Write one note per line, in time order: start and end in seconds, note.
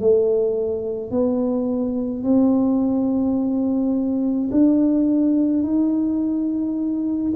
0.00 1.11 A3
1.11 2.24 B3
2.24 4.50 C4
4.52 5.63 D4
5.63 7.33 D#4